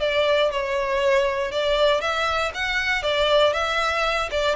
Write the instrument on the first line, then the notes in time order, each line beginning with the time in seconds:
violin
0.00 D5
0.51 C#5
1.52 D5
2.01 E5
2.54 F#5
3.03 D5
3.53 E5
4.31 D5